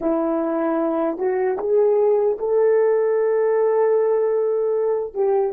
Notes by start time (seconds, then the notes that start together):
0.00 E4
1.18 F#4
1.58 G#4
2.38 A4
5.14 G4